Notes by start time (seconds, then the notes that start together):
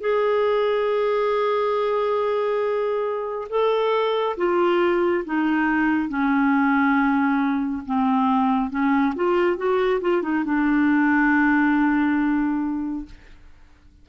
0.00 G#4
3.49 A4
4.37 F4
5.25 D#4
6.08 C#4
7.86 C4
8.70 C#4
9.15 F4
9.57 F#4
10.01 F4
10.22 D#4
10.44 D4